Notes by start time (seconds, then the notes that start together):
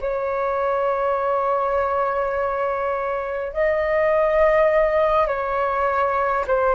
0.00 C#5
3.53 D#5
5.27 C#5
6.47 C5